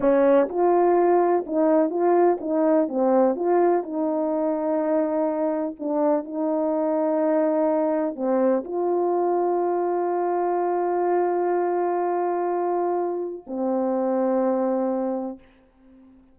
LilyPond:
\new Staff \with { instrumentName = "horn" } { \time 4/4 \tempo 4 = 125 cis'4 f'2 dis'4 | f'4 dis'4 c'4 f'4 | dis'1 | d'4 dis'2.~ |
dis'4 c'4 f'2~ | f'1~ | f'1 | c'1 | }